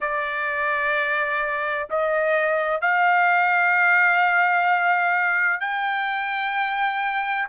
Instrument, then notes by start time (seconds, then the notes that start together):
trumpet
0.00 D5
1.90 D#5
2.81 F5
5.60 G5